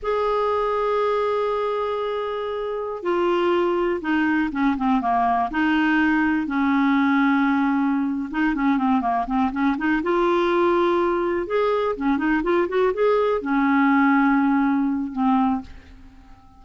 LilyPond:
\new Staff \with { instrumentName = "clarinet" } { \time 4/4 \tempo 4 = 123 gis'1~ | gis'2~ gis'16 f'4.~ f'16~ | f'16 dis'4 cis'8 c'8 ais4 dis'8.~ | dis'4~ dis'16 cis'2~ cis'8.~ |
cis'4 dis'8 cis'8 c'8 ais8 c'8 cis'8 | dis'8 f'2. gis'8~ | gis'8 cis'8 dis'8 f'8 fis'8 gis'4 cis'8~ | cis'2. c'4 | }